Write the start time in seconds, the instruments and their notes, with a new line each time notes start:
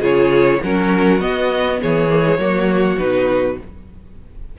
0.00 cello C#3, viola F4, violin G#4 C#5
0.63 cello F#3, viola C#4, violin F#4 A#4
1.20 viola B3, cello B3, violin D#5
1.81 cello E3, violin G#4 C#5
2.09 viola A#3
2.21 viola G#3
2.38 cello F#3, viola A#3, violin F#4
2.98 cello B2, viola D#4, violin B4